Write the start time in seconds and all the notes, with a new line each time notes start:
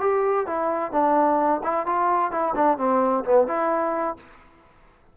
0.00 G4
0.46 E4
0.91 D4
1.63 E4
1.86 F4
2.31 E4
2.55 D4
2.78 C4
3.24 B3
3.47 E4